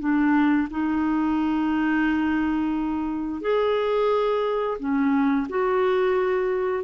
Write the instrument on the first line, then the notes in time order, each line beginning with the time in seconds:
clarinet
0.00 D4
0.71 D#4
3.41 G#4
4.79 C#4
5.49 F#4